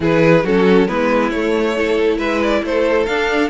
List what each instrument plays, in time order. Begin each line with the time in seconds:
0.00 cello E3, viola E4, violin G#4 B4
0.43 cello F#3, viola C#4, violin F#4 A4
0.88 cello G#3, viola B3, violin E4 B4
1.30 cello A3, viola A3, violin C#5
1.76 viola E4, violin A4
2.18 cello G#3, violin B4 E5
2.42 violin D5
2.63 cello A3, violin A4 C5
3.06 cello D4, viola D4, violin F5